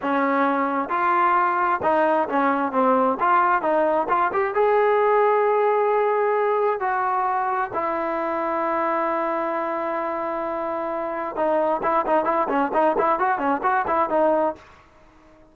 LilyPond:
\new Staff \with { instrumentName = "trombone" } { \time 4/4 \tempo 4 = 132 cis'2 f'2 | dis'4 cis'4 c'4 f'4 | dis'4 f'8 g'8 gis'2~ | gis'2. fis'4~ |
fis'4 e'2.~ | e'1~ | e'4 dis'4 e'8 dis'8 e'8 cis'8 | dis'8 e'8 fis'8 cis'8 fis'8 e'8 dis'4 | }